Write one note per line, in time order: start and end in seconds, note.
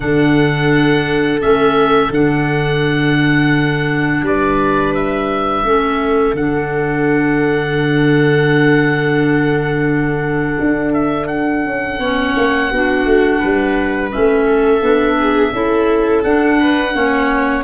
0.00 1.40 D3
0.00 1.40 D4
0.00 4.24 A4
0.00 1.39 F#5
1.40 2.10 A3
1.40 2.11 C#4
1.40 2.12 E5
2.10 4.21 D3
2.10 5.64 D4
2.10 4.25 F#5
4.21 5.62 G3
4.21 5.65 B4
4.21 4.94 D5
4.94 6.35 E5
5.63 6.33 A3
5.63 6.35 C#4
5.63 12.00 A4
6.33 10.57 D3
6.33 12.01 D4
6.33 10.93 F#5
10.60 11.65 D4
10.93 11.27 E5
11.27 14.09 F#5
11.65 11.98 C#4
11.98 12.33 B3
11.98 12.71 C#4
11.98 12.70 C#5
12.36 12.71 A#3
12.71 13.05 B3
12.71 14.11 D4
12.71 13.39 F#4
13.05 13.40 A3
13.39 14.13 G3
13.39 14.45 B4
14.11 14.81 A3
14.11 14.81 C#4
14.11 16.23 E5
14.45 15.16 A4
14.81 15.52 B3
14.81 15.52 D4
15.18 15.53 G#4
15.52 16.22 C#4
15.52 16.23 E4
15.52 16.59 A4
16.23 16.94 D4
16.23 16.93 D4
16.23 17.63 F#5
16.60 16.95 B4
16.93 17.63 A#3
16.93 17.63 C#4
16.93 17.63 C#5